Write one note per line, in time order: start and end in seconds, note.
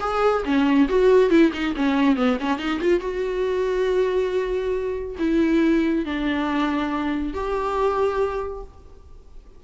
0.00 0.43 G#4
0.45 0.88 C#4
0.89 1.30 F#4
1.30 1.52 E4
1.53 1.75 D#4
1.76 2.16 C#4
2.16 2.38 B3
2.40 2.59 C#4
2.59 2.80 D#4
2.81 3.00 F4
3.00 5.16 F#4
5.19 6.05 E4
6.05 7.34 D4
7.34 8.63 G4